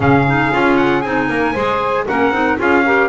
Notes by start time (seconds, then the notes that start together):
0.00 C#3 C#4 G#4 F5
0.27 D#4
0.51 C#4 F4
0.76 F#5
1.01 C4 D#4 G#5
1.27 A#3 A#4
1.53 G#3 G#4 C5
2.07 A#3 C#4 A#4 F#5
2.31 C4 D#4
2.57 C#4 F4 G#4 F5
2.84 G4 A#4